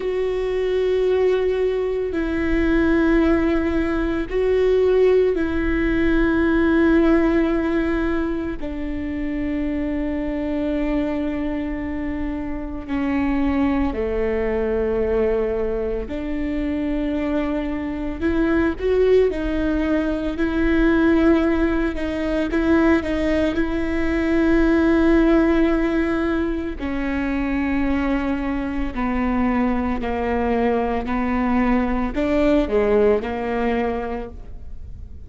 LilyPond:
\new Staff \with { instrumentName = "viola" } { \time 4/4 \tempo 4 = 56 fis'2 e'2 | fis'4 e'2. | d'1 | cis'4 a2 d'4~ |
d'4 e'8 fis'8 dis'4 e'4~ | e'8 dis'8 e'8 dis'8 e'2~ | e'4 cis'2 b4 | ais4 b4 d'8 gis8 ais4 | }